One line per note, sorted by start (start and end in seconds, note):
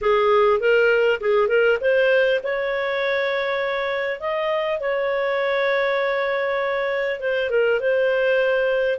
0.01 0.60 G#4
0.60 1.20 A#4
1.20 1.48 G#4
1.48 1.78 A#4
1.81 2.41 C5
2.43 4.19 C#5
4.19 4.79 D#5
4.79 7.19 C#5
7.20 7.50 C5
7.50 7.80 A#4
7.80 8.98 C5